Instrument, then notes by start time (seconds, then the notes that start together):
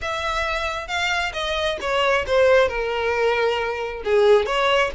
violin
0.01 E5
0.87 F5
1.33 D#5
1.80 C#5
2.26 C5
2.68 A#4
4.04 G#4
4.46 C#5